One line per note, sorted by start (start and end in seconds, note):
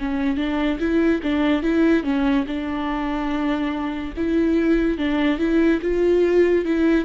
0.00 0.37 C#4
0.37 0.79 D4
0.80 1.21 E4
1.23 1.63 D4
1.63 2.04 E4
2.04 2.45 C#4
2.48 4.14 D4
4.17 4.98 E4
4.98 5.39 D4
5.39 5.81 E4
5.82 6.65 F4
6.65 7.05 E4